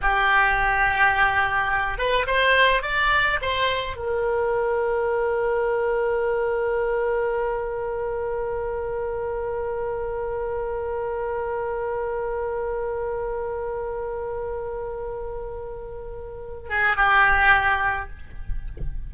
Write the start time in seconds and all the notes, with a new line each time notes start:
0.01 G4
1.97 B4
2.26 C5
2.82 D5
3.41 C5
3.96 A#4
16.69 G#4
16.96 G4